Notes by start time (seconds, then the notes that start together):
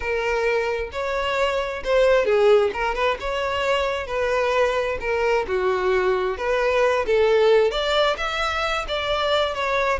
0.00 A#4
0.92 C#5
1.84 C5
2.25 G#4
2.73 A#4
2.94 B4
3.20 C#5
4.07 B4
5.00 A#4
5.47 F#4
6.37 B4
7.06 A4
7.71 D5
8.17 E5
8.88 D5
9.54 C#5